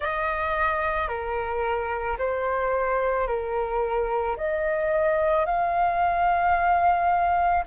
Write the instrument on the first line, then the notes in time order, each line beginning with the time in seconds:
flute
0.00 D#5
1.08 A#4
2.18 C5
3.27 A#4
4.36 D#5
5.45 F5